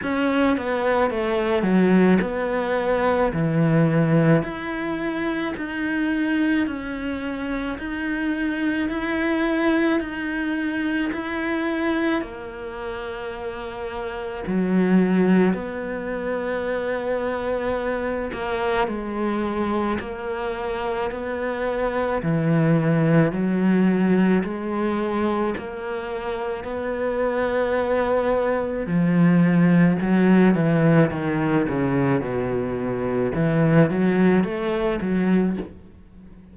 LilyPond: \new Staff \with { instrumentName = "cello" } { \time 4/4 \tempo 4 = 54 cis'8 b8 a8 fis8 b4 e4 | e'4 dis'4 cis'4 dis'4 | e'4 dis'4 e'4 ais4~ | ais4 fis4 b2~ |
b8 ais8 gis4 ais4 b4 | e4 fis4 gis4 ais4 | b2 f4 fis8 e8 | dis8 cis8 b,4 e8 fis8 a8 fis8 | }